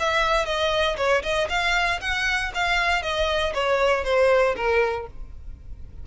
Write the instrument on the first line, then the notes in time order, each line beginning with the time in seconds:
violin
0.00 E5
0.46 D#5
0.97 C#5
1.23 D#5
1.50 F5
2.01 F#5
2.55 F5
3.03 D#5
3.55 C#5
4.05 C5
4.56 A#4